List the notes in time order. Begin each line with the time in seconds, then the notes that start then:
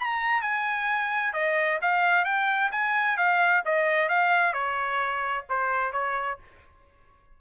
0.00 A#5
0.42 G#5
1.34 D#5
1.82 F5
2.25 G5
2.72 G#5
3.17 F5
3.66 D#5
4.09 F5
4.54 C#5
5.50 C5
5.93 C#5